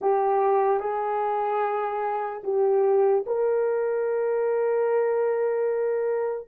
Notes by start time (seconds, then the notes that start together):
0.01 G4
0.80 G#4
2.43 G4
3.26 A#4